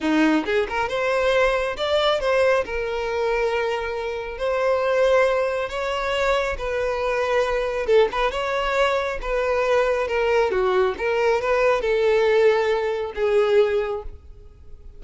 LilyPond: \new Staff \with { instrumentName = "violin" } { \time 4/4 \tempo 4 = 137 dis'4 gis'8 ais'8 c''2 | d''4 c''4 ais'2~ | ais'2 c''2~ | c''4 cis''2 b'4~ |
b'2 a'8 b'8 cis''4~ | cis''4 b'2 ais'4 | fis'4 ais'4 b'4 a'4~ | a'2 gis'2 | }